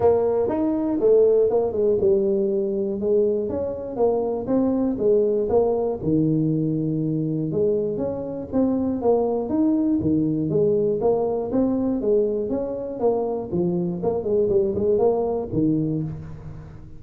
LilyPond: \new Staff \with { instrumentName = "tuba" } { \time 4/4 \tempo 4 = 120 ais4 dis'4 a4 ais8 gis8 | g2 gis4 cis'4 | ais4 c'4 gis4 ais4 | dis2. gis4 |
cis'4 c'4 ais4 dis'4 | dis4 gis4 ais4 c'4 | gis4 cis'4 ais4 f4 | ais8 gis8 g8 gis8 ais4 dis4 | }